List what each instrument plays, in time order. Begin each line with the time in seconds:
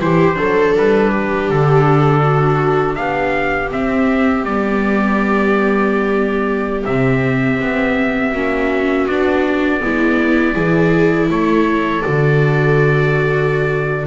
0.00 double bass E3, viola E4 G4, trumpet C5
0.34 double bass F#3, viola D4 A4
0.76 double bass G3, trumpet B4
1.10 viola G4
1.50 double bass D3, trumpet A4
2.22 viola F#4
2.95 double bass B3, viola G4, trumpet F5
3.71 viola C4, double bass C4, trumpet E5
4.44 double bass G3, viola B3, trumpet D5
6.85 double bass C3, viola C4, trumpet E5
7.61 double bass B3
8.31 double bass A#3, viola C#4 F#4
9.07 double bass B3, viola D4, trumpet D5
9.81 double bass G#3, viola B3 E4
10.54 double bass E3, viola E4 G#4
11.29 double bass A3, viola A4, trumpet C#5
12.02 double bass D3, viola F#4, trumpet D5